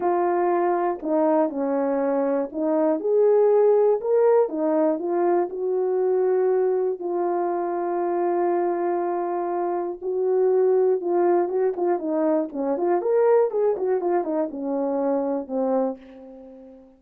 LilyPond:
\new Staff \with { instrumentName = "horn" } { \time 4/4 \tempo 4 = 120 f'2 dis'4 cis'4~ | cis'4 dis'4 gis'2 | ais'4 dis'4 f'4 fis'4~ | fis'2 f'2~ |
f'1 | fis'2 f'4 fis'8 f'8 | dis'4 cis'8 f'8 ais'4 gis'8 fis'8 | f'8 dis'8 cis'2 c'4 | }